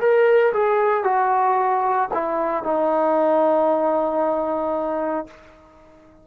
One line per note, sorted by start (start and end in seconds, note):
0.00 0.53 A#4
0.53 1.03 G#4
1.03 2.09 F#4
2.13 2.64 E4
2.64 5.27 D#4